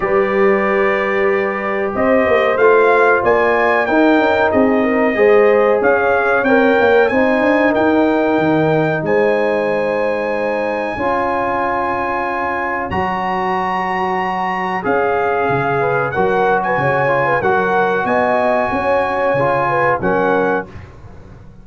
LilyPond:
<<
  \new Staff \with { instrumentName = "trumpet" } { \time 4/4 \tempo 4 = 93 d''2. dis''4 | f''4 gis''4 g''4 dis''4~ | dis''4 f''4 g''4 gis''4 | g''2 gis''2~ |
gis''1 | ais''2. f''4~ | f''4 fis''8. gis''4~ gis''16 fis''4 | gis''2. fis''4 | }
  \new Staff \with { instrumentName = "horn" } { \time 4/4 b'2. c''4~ | c''4 d''4 ais'4 gis'8 ais'8 | c''4 cis''2 c''4 | ais'2 c''2~ |
c''4 cis''2.~ | cis''1~ | cis''8 b'8 ais'8. b'16 cis''8. b'16 ais'4 | dis''4 cis''4. b'8 ais'4 | }
  \new Staff \with { instrumentName = "trombone" } { \time 4/4 g'1 | f'2 dis'2 | gis'2 ais'4 dis'4~ | dis'1~ |
dis'4 f'2. | fis'2. gis'4~ | gis'4 fis'4. f'8 fis'4~ | fis'2 f'4 cis'4 | }
  \new Staff \with { instrumentName = "tuba" } { \time 4/4 g2. c'8 ais8 | a4 ais4 dis'8 cis'8 c'4 | gis4 cis'4 c'8 ais8 c'8 d'8 | dis'4 dis4 gis2~ |
gis4 cis'2. | fis2. cis'4 | cis4 fis4 cis4 fis4 | b4 cis'4 cis4 fis4 | }
>>